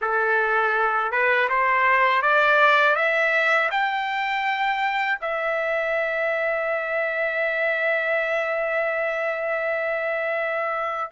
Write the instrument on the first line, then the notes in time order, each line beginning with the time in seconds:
trumpet
0.01 A4
1.11 B4
1.49 C5
2.22 D5
2.95 E5
3.70 G5
5.21 E5